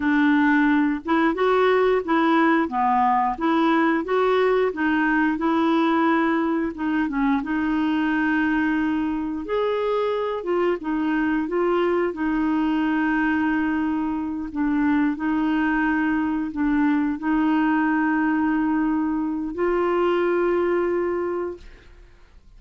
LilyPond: \new Staff \with { instrumentName = "clarinet" } { \time 4/4 \tempo 4 = 89 d'4. e'8 fis'4 e'4 | b4 e'4 fis'4 dis'4 | e'2 dis'8 cis'8 dis'4~ | dis'2 gis'4. f'8 |
dis'4 f'4 dis'2~ | dis'4. d'4 dis'4.~ | dis'8 d'4 dis'2~ dis'8~ | dis'4 f'2. | }